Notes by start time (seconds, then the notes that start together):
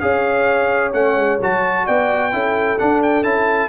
0.00 C#4 G#4 C#5 F5
0.93 A3 C#4 F#5
1.16 G#3
1.41 F#3 F#4 A5
1.86 B3 D5 G5
2.32 C#4 E4 A4
2.78 D4 F#5
3.03 G5
3.23 C#4 E4 A5